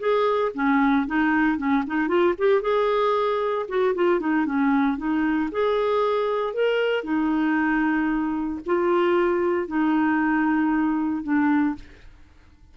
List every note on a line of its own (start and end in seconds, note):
0.00 0.52 G#4
0.55 1.07 C#4
1.07 1.58 D#4
1.58 1.84 C#4
1.87 2.08 D#4
2.08 2.35 F4
2.39 2.62 G4
2.62 3.66 G#4
3.69 3.95 F#4
3.95 4.20 F4
4.20 4.46 D#4
4.46 4.98 C#4
4.98 5.50 D#4
5.52 6.54 G#4
6.54 7.04 A#4
7.04 8.60 D#4
8.66 9.68 F4
9.68 11.23 D#4
11.23 11.76 D4